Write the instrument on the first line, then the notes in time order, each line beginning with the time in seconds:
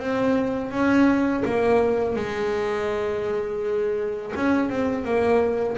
double bass
0.00 C4
0.71 C#4
1.45 A#3
2.16 G#3
4.36 C#4
4.70 C4
5.05 A#3